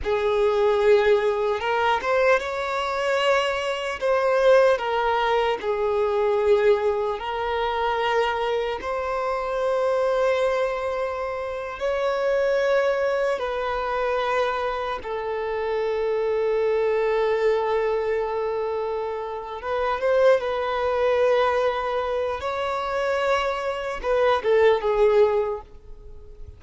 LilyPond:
\new Staff \with { instrumentName = "violin" } { \time 4/4 \tempo 4 = 75 gis'2 ais'8 c''8 cis''4~ | cis''4 c''4 ais'4 gis'4~ | gis'4 ais'2 c''4~ | c''2~ c''8. cis''4~ cis''16~ |
cis''8. b'2 a'4~ a'16~ | a'1~ | a'8 b'8 c''8 b'2~ b'8 | cis''2 b'8 a'8 gis'4 | }